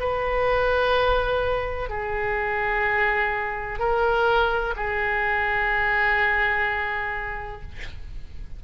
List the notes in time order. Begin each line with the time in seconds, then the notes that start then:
0.00 B4
1.90 G#4
3.80 A#4
4.77 G#4